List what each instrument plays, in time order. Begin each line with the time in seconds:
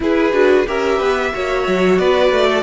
0.00 cello E4, viola E4, violin G#4 B4
0.32 cello D4, viola F#4
0.66 cello C#4, viola G4, violin A#4 E5
0.98 cello B3, violin B4
1.32 cello A#3, viola F#4, violin C#5
1.67 cello F#3
1.98 cello B3, violin B4 D5
2.31 cello A3
2.47 violin A4